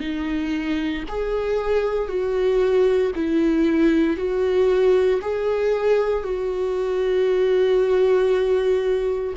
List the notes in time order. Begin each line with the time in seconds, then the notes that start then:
0.00 D#4
1.08 G#4
2.08 F#4
3.15 E4
4.17 F#4
5.21 G#4
6.24 F#4